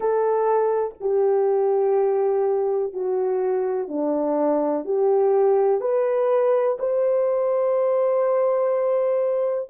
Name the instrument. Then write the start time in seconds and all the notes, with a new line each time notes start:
horn
0.00 A4
1.00 G4
2.93 F#4
3.88 D4
4.84 G4
5.80 B4
6.79 C5